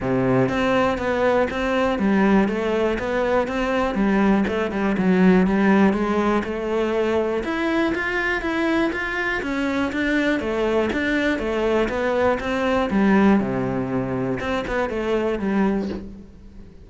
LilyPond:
\new Staff \with { instrumentName = "cello" } { \time 4/4 \tempo 4 = 121 c4 c'4 b4 c'4 | g4 a4 b4 c'4 | g4 a8 g8 fis4 g4 | gis4 a2 e'4 |
f'4 e'4 f'4 cis'4 | d'4 a4 d'4 a4 | b4 c'4 g4 c4~ | c4 c'8 b8 a4 g4 | }